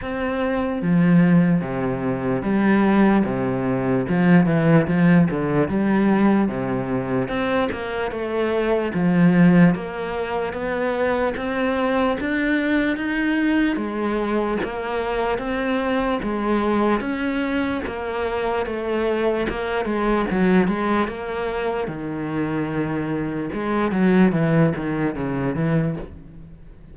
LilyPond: \new Staff \with { instrumentName = "cello" } { \time 4/4 \tempo 4 = 74 c'4 f4 c4 g4 | c4 f8 e8 f8 d8 g4 | c4 c'8 ais8 a4 f4 | ais4 b4 c'4 d'4 |
dis'4 gis4 ais4 c'4 | gis4 cis'4 ais4 a4 | ais8 gis8 fis8 gis8 ais4 dis4~ | dis4 gis8 fis8 e8 dis8 cis8 e8 | }